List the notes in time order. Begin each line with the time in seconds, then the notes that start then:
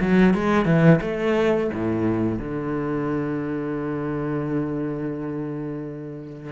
0.00 F#3
0.34 G#3
0.65 E3
1.01 A3
1.73 A2
2.39 D3